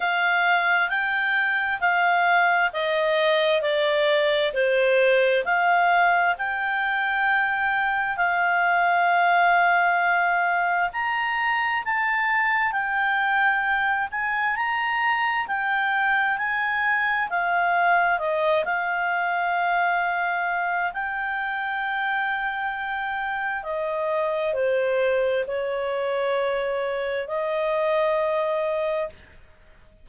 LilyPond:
\new Staff \with { instrumentName = "clarinet" } { \time 4/4 \tempo 4 = 66 f''4 g''4 f''4 dis''4 | d''4 c''4 f''4 g''4~ | g''4 f''2. | ais''4 a''4 g''4. gis''8 |
ais''4 g''4 gis''4 f''4 | dis''8 f''2~ f''8 g''4~ | g''2 dis''4 c''4 | cis''2 dis''2 | }